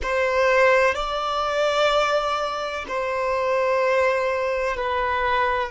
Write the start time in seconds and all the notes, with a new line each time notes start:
0.02 C5
0.94 D5
2.87 C5
4.76 B4